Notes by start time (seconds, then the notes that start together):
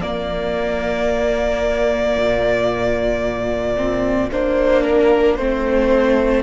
0.00 A#3 F4 D5
2.17 A#2
3.76 C4
4.30 A#3 D4 C5
4.83 A#4
5.36 A3 C4 C5